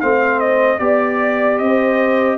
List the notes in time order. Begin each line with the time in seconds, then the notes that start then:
0.00 A3 C4 C5 F5
0.40 D#5
0.79 B3 G4 D5
1.58 C4 C5 D#5